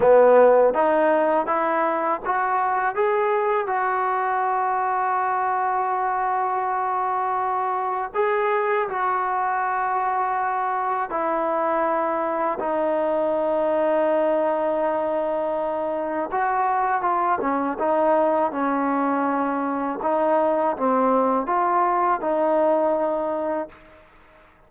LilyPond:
\new Staff \with { instrumentName = "trombone" } { \time 4/4 \tempo 4 = 81 b4 dis'4 e'4 fis'4 | gis'4 fis'2.~ | fis'2. gis'4 | fis'2. e'4~ |
e'4 dis'2.~ | dis'2 fis'4 f'8 cis'8 | dis'4 cis'2 dis'4 | c'4 f'4 dis'2 | }